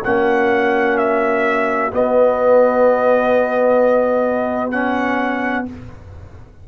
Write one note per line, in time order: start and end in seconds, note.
0.00 1.93 A#3
0.00 1.92 C#4
0.00 5.62 F#4
0.00 0.98 F#5
0.98 1.91 E5
1.93 4.72 B3
1.93 5.68 B3
1.93 4.71 D#5
4.71 5.66 C#4
4.71 5.65 F#5